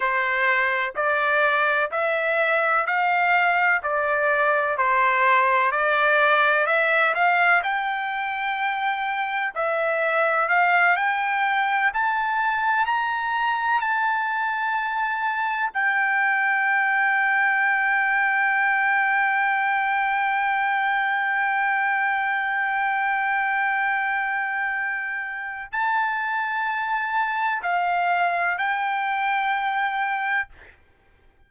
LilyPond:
\new Staff \with { instrumentName = "trumpet" } { \time 4/4 \tempo 4 = 63 c''4 d''4 e''4 f''4 | d''4 c''4 d''4 e''8 f''8 | g''2 e''4 f''8 g''8~ | g''8 a''4 ais''4 a''4.~ |
a''8 g''2.~ g''8~ | g''1~ | g''2. a''4~ | a''4 f''4 g''2 | }